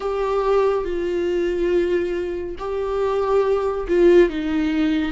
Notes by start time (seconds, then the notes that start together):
0.00 G4
0.84 F4
2.58 G4
3.88 F4
4.29 D#4